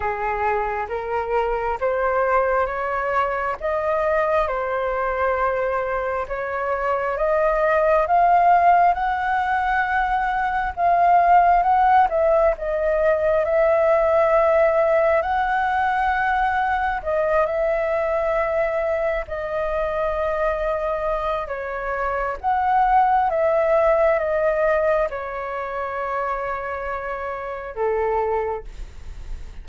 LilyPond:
\new Staff \with { instrumentName = "flute" } { \time 4/4 \tempo 4 = 67 gis'4 ais'4 c''4 cis''4 | dis''4 c''2 cis''4 | dis''4 f''4 fis''2 | f''4 fis''8 e''8 dis''4 e''4~ |
e''4 fis''2 dis''8 e''8~ | e''4. dis''2~ dis''8 | cis''4 fis''4 e''4 dis''4 | cis''2. a'4 | }